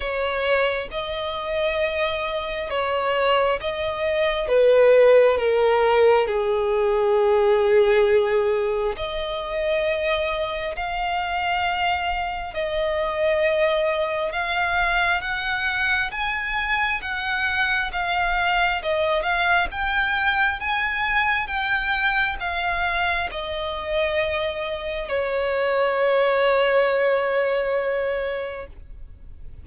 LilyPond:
\new Staff \with { instrumentName = "violin" } { \time 4/4 \tempo 4 = 67 cis''4 dis''2 cis''4 | dis''4 b'4 ais'4 gis'4~ | gis'2 dis''2 | f''2 dis''2 |
f''4 fis''4 gis''4 fis''4 | f''4 dis''8 f''8 g''4 gis''4 | g''4 f''4 dis''2 | cis''1 | }